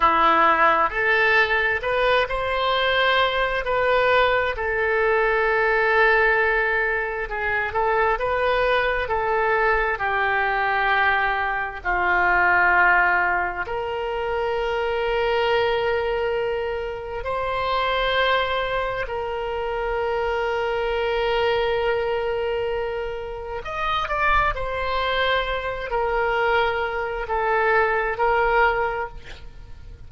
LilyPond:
\new Staff \with { instrumentName = "oboe" } { \time 4/4 \tempo 4 = 66 e'4 a'4 b'8 c''4. | b'4 a'2. | gis'8 a'8 b'4 a'4 g'4~ | g'4 f'2 ais'4~ |
ais'2. c''4~ | c''4 ais'2.~ | ais'2 dis''8 d''8 c''4~ | c''8 ais'4. a'4 ais'4 | }